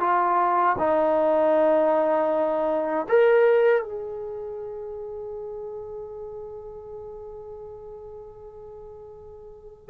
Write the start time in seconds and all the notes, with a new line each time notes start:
0.00 F4
0.78 D#4
3.09 A#4
3.82 G#4